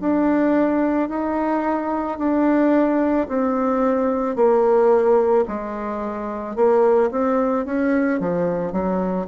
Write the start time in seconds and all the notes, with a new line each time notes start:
0.00 D4
1.09 D#4
2.18 D4
3.28 C4
4.35 A#3
5.48 G#3
6.56 A#3
7.11 C4
7.65 C#4
8.20 F3
8.72 F#3